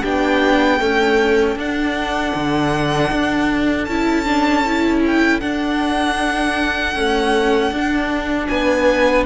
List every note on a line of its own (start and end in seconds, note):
0.00 0.81 B3
0.00 0.79 D4
0.00 0.76 G4
0.00 1.58 G5
0.76 1.56 A3
0.76 1.56 C#4
0.76 8.45 A4
1.56 2.33 D4
1.56 3.89 D4
1.56 3.84 F#5
2.35 3.12 D3
3.12 3.87 D4
3.84 5.41 C#4
3.84 4.26 E4
3.84 5.00 A5
4.26 4.64 D4
4.66 5.42 E4
5.06 5.40 G5
5.40 6.95 D4
5.40 8.47 F#5
6.95 7.74 A3
6.95 7.71 C#4
7.71 8.48 D4
7.71 9.26 D4
8.47 9.26 B3
8.47 9.26 B4
8.47 9.24 G#5